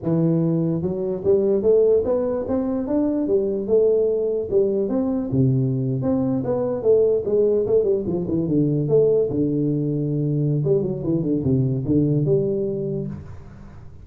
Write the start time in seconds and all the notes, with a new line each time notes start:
0.02 E3
0.82 F#3
1.24 G3
1.62 A3
2.04 B3
2.47 C4
2.87 D4
3.27 G3
3.67 A3
4.50 G3
4.88 C4
5.31 C3
6.02 C4
6.44 B3
6.82 A3
7.25 G#3
7.66 A3
7.84 G3
8.06 F3
8.27 E3
8.47 D3
8.88 A3
9.30 D3
10.64 G3
10.82 F#3
11.03 E3
11.22 D3
11.43 C3
11.85 D3
12.25 G3